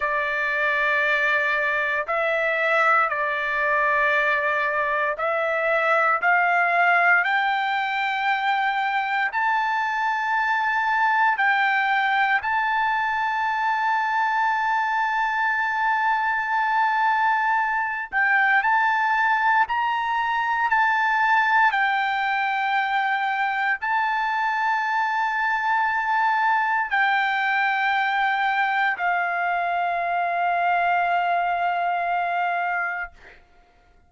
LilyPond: \new Staff \with { instrumentName = "trumpet" } { \time 4/4 \tempo 4 = 58 d''2 e''4 d''4~ | d''4 e''4 f''4 g''4~ | g''4 a''2 g''4 | a''1~ |
a''4. g''8 a''4 ais''4 | a''4 g''2 a''4~ | a''2 g''2 | f''1 | }